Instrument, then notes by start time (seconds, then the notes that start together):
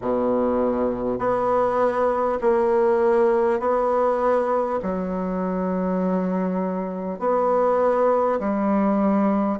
bassoon
0.01 B2
1.18 B3
2.41 A#3
3.59 B3
4.82 F#3
7.19 B3
8.39 G3